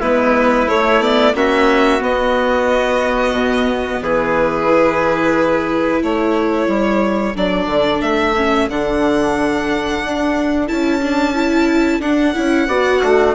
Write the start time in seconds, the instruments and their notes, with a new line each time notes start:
0.00 bassoon G#3, viola B3, trumpet E4, violin B4
0.67 bassoon A3, viola A3, violin C#5
1.00 viola B3, violin D5
1.35 bassoon A#3, viola C#4, trumpet F#4, violin E5
2.00 viola B3, bassoon B3, violin D#5
3.32 bassoon B2
4.02 bassoon E3, trumpet G#4, violin B4
4.67 viola E4
6.02 bassoon A3, trumpet A4, violin C#5
6.67 bassoon G3
7.35 bassoon F#3, viola D4, violin D5
7.66 bassoon D3
8.01 bassoon A3, violin E5
8.36 viola C#4
8.69 bassoon D3, viola D4, violin F#5
10.04 bassoon D4
10.68 bassoon C#4, viola E4, violin A5
11.02 viola D4
11.35 viola E4
11.99 bassoon D4, viola D4, violin F#5
12.34 bassoon C#4, viola E4
12.67 bassoon B3, viola F#4, trumpet D5
13.02 bassoon A3, trumpet D4